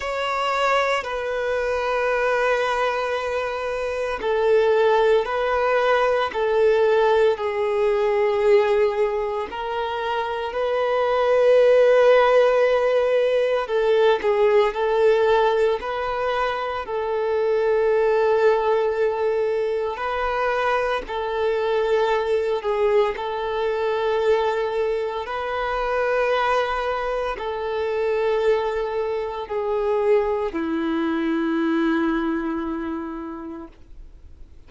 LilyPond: \new Staff \with { instrumentName = "violin" } { \time 4/4 \tempo 4 = 57 cis''4 b'2. | a'4 b'4 a'4 gis'4~ | gis'4 ais'4 b'2~ | b'4 a'8 gis'8 a'4 b'4 |
a'2. b'4 | a'4. gis'8 a'2 | b'2 a'2 | gis'4 e'2. | }